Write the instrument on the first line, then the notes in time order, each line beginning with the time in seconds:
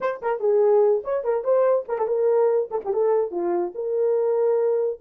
horn
0.00 C5
0.21 A#4
0.40 G#4
1.04 C#5
1.23 A#4
1.44 C5
1.88 A#4
1.98 A4
2.07 A#4
2.70 A4
2.84 G4
2.93 A4
3.31 F4
3.74 A#4